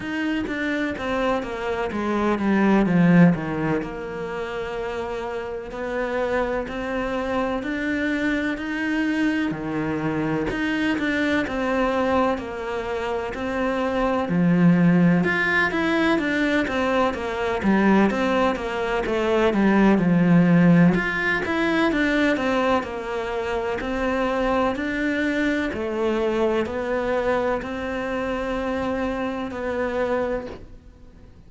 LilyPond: \new Staff \with { instrumentName = "cello" } { \time 4/4 \tempo 4 = 63 dis'8 d'8 c'8 ais8 gis8 g8 f8 dis8 | ais2 b4 c'4 | d'4 dis'4 dis4 dis'8 d'8 | c'4 ais4 c'4 f4 |
f'8 e'8 d'8 c'8 ais8 g8 c'8 ais8 | a8 g8 f4 f'8 e'8 d'8 c'8 | ais4 c'4 d'4 a4 | b4 c'2 b4 | }